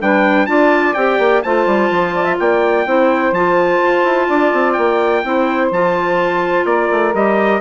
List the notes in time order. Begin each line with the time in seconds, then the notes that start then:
0.00 G3 D4 B4 G5
0.46 D4 F4 D5 A5
0.93 C4 G4 G5
1.18 A#3
1.42 A3 F4 C5 A5
1.66 G3
1.90 F3
2.14 D5
2.24 E5
2.39 A#3 D5 G5
2.86 C4 E4 C5
3.32 F3 F4 A5
3.83 F4
4.04 E4
4.28 D4 D5
4.53 C4
4.72 A#3 G5
5.24 C4 E4 C5
5.71 F3 F4 A5
6.64 A#3 A#4 D5
6.91 A3
7.13 G3 G4 D#5